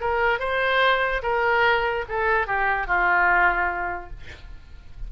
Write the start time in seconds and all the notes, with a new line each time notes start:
0.00 A#4
0.39 C5
1.22 A#4
2.08 A4
2.47 G4
2.87 F4